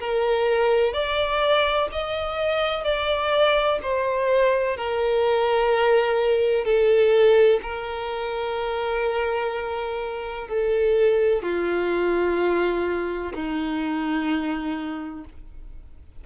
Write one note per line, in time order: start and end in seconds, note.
0.00 0.93 A#4
0.93 1.88 D5
1.92 2.84 D#5
2.84 3.79 D5
3.82 4.77 C5
4.77 6.65 A#4
6.65 7.60 A4
7.62 10.48 A#4
10.48 11.42 A4
11.42 13.33 F4
13.34 15.24 D#4